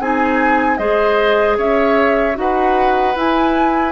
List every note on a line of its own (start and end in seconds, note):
0.00 0.78 C4
0.00 0.79 D#4
0.00 0.79 G#4
0.00 0.77 G#5
0.77 1.57 G#3
0.77 2.34 G#4
0.77 1.58 C5
0.77 1.56 D#5
1.58 2.37 C#4
1.58 2.37 C#5
1.58 2.38 E5
2.34 3.16 D#4
2.34 3.13 F#4
2.34 3.92 B4
2.34 3.17 F#5
3.16 3.92 E4
3.16 3.92 G#5